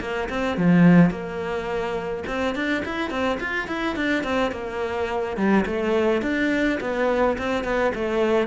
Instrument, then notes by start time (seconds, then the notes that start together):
cello
0.00 A#3
0.29 C4
0.57 F3
1.10 A#3
2.27 C4
2.55 D4
2.85 E4
3.10 C4
3.39 F4
3.67 E4
3.95 D4
4.23 C4
4.51 A#3
5.36 G3
5.66 A3
6.22 D4
6.80 B3
7.38 C4
7.64 B3
7.94 A3